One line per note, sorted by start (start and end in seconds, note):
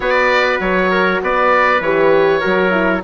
0.00 0.59 B3
0.00 1.80 F#4
0.00 0.91 B4
0.00 0.59 D5
0.60 1.20 F#3
0.60 1.21 C#5
0.91 1.21 A#4
1.21 1.80 B3
1.21 2.40 B4
1.21 1.82 D5
1.80 2.40 E3
1.80 2.41 G4
1.80 3.03 C#5
2.40 3.03 F#3
2.40 2.70 F#4
2.40 3.01 A#4
2.70 3.01 E4